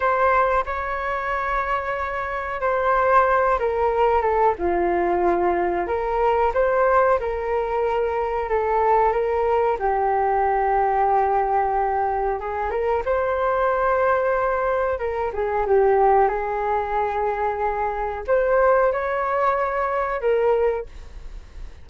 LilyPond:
\new Staff \with { instrumentName = "flute" } { \time 4/4 \tempo 4 = 92 c''4 cis''2. | c''4. ais'4 a'8 f'4~ | f'4 ais'4 c''4 ais'4~ | ais'4 a'4 ais'4 g'4~ |
g'2. gis'8 ais'8 | c''2. ais'8 gis'8 | g'4 gis'2. | c''4 cis''2 ais'4 | }